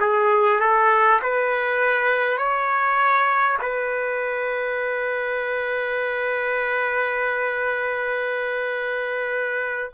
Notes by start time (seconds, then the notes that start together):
0.00 G#4
0.59 A4
1.22 B4
2.37 C#5
3.61 B4